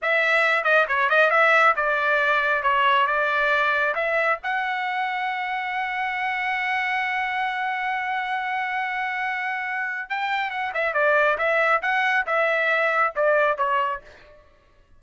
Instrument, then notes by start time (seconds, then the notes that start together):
trumpet
0.02 E5
0.64 D#5
0.88 C#5
1.09 D#5
1.30 E5
1.75 D5
2.63 C#5
3.06 D5
3.94 E5
4.43 F#5
10.09 G5
10.50 F#5
10.74 E5
10.93 D5
11.37 E5
11.82 F#5
12.26 E5
13.15 D5
13.57 C#5